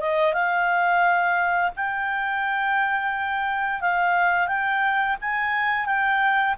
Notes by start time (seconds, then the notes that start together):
0.00 D#5
0.34 F5
1.76 G5
3.81 F5
4.47 G5
5.21 G#5
5.86 G5